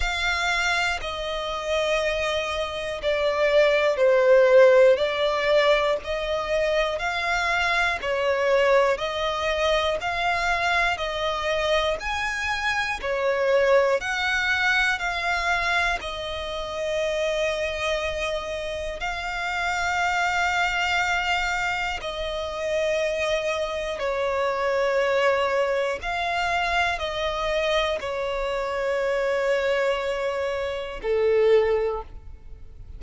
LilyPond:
\new Staff \with { instrumentName = "violin" } { \time 4/4 \tempo 4 = 60 f''4 dis''2 d''4 | c''4 d''4 dis''4 f''4 | cis''4 dis''4 f''4 dis''4 | gis''4 cis''4 fis''4 f''4 |
dis''2. f''4~ | f''2 dis''2 | cis''2 f''4 dis''4 | cis''2. a'4 | }